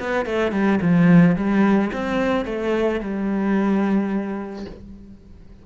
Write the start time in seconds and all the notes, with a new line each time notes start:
0.00 B3
0.26 A3
0.52 G3
0.82 F3
1.37 G3
1.93 C4
2.46 A3
3.01 G3